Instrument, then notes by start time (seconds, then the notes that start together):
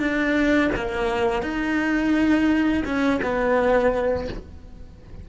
cello
0.00 D4
0.76 A#3
1.42 D#4
2.85 C#4
3.23 B3